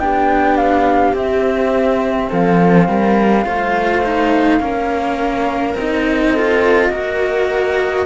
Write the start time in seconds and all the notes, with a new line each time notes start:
0.00 B3 D4 G4 G5
0.57 F5
1.13 C4 E5
2.30 F3 A4 F5
2.89 G3 A#4
3.45 A3 F4 C5
4.05 D#4
4.61 A#3 C#4 A#4
5.75 C4 D#4 D#5
6.33 F4 A4
6.90 A#3 F#4 A#4